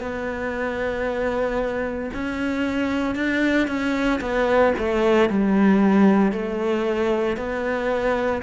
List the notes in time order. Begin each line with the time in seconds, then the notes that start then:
0.00 B3
2.14 C#4
3.15 D4
3.67 C#4
4.21 B3
4.78 A3
5.30 G3
6.32 A3
7.37 B3